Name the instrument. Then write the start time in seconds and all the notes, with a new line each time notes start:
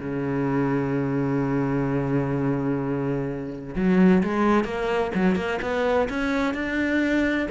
cello
0.00 C#3
3.76 F#3
4.24 G#3
4.65 A#3
5.15 F#3
5.36 A#3
5.62 B3
6.09 C#4
6.55 D4